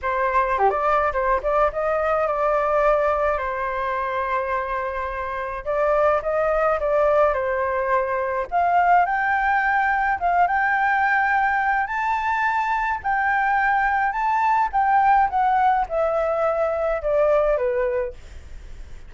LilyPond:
\new Staff \with { instrumentName = "flute" } { \time 4/4 \tempo 4 = 106 c''4 g'16 d''8. c''8 d''8 dis''4 | d''2 c''2~ | c''2 d''4 dis''4 | d''4 c''2 f''4 |
g''2 f''8 g''4.~ | g''4 a''2 g''4~ | g''4 a''4 g''4 fis''4 | e''2 d''4 b'4 | }